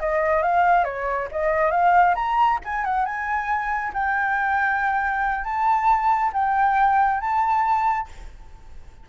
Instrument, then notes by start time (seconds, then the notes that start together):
flute
0.00 D#5
0.43 F5
0.85 C#5
1.32 D#5
1.71 F5
2.16 A#5
2.65 G#5
2.85 F#5
3.06 G#5
3.94 G5
5.44 A5
6.33 G5
7.21 A5